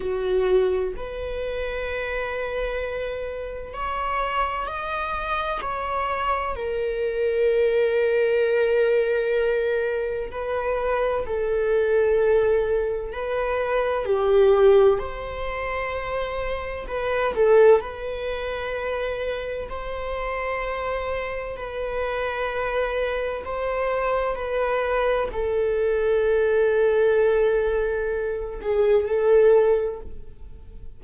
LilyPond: \new Staff \with { instrumentName = "viola" } { \time 4/4 \tempo 4 = 64 fis'4 b'2. | cis''4 dis''4 cis''4 ais'4~ | ais'2. b'4 | a'2 b'4 g'4 |
c''2 b'8 a'8 b'4~ | b'4 c''2 b'4~ | b'4 c''4 b'4 a'4~ | a'2~ a'8 gis'8 a'4 | }